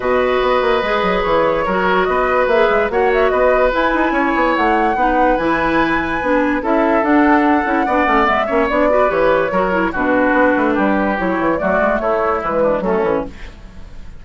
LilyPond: <<
  \new Staff \with { instrumentName = "flute" } { \time 4/4 \tempo 4 = 145 dis''2. cis''4~ | cis''4 dis''4 e''4 fis''8 e''8 | dis''4 gis''2 fis''4~ | fis''4 gis''2. |
e''4 fis''2. | e''4 d''4 cis''2 | b'2. cis''4 | d''4 cis''4 b'4 a'4 | }
  \new Staff \with { instrumentName = "oboe" } { \time 4/4 b'1 | ais'4 b'2 cis''4 | b'2 cis''2 | b'1 |
a'2. d''4~ | d''8 cis''4 b'4. ais'4 | fis'2 g'2 | fis'4 e'4. d'8 cis'4 | }
  \new Staff \with { instrumentName = "clarinet" } { \time 4/4 fis'2 gis'2 | fis'2 gis'4 fis'4~ | fis'4 e'2. | dis'4 e'2 d'4 |
e'4 d'4. e'8 d'8 cis'8 | b8 cis'8 d'8 fis'8 g'4 fis'8 e'8 | d'2. e'4 | a2 gis4 a8 cis'8 | }
  \new Staff \with { instrumentName = "bassoon" } { \time 4/4 b,4 b8 ais8 gis8 fis8 e4 | fis4 b4 ais8 gis8 ais4 | b4 e'8 dis'8 cis'8 b8 a4 | b4 e2 b4 |
cis'4 d'4. cis'8 b8 a8 | gis8 ais8 b4 e4 fis4 | b,4 b8 a8 g4 fis8 e8 | fis8 gis8 a4 e4 fis8 e8 | }
>>